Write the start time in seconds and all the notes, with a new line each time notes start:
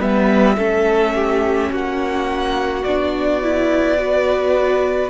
0.00 G3 B3 B4 E5
0.57 A3 C#4 A4
1.15 G4
1.71 A#3 F#4 F#5
2.84 B3 D4 D5
3.42 E4
3.98 F#4 B4